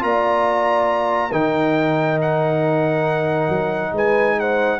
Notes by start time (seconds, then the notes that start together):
0.00 A#3 F4 D5 A#5
1.31 D#3 D#4 A#4 G5
2.21 F#5
3.49 F#3
3.92 G#3 B4 G#5
4.40 C5 F#5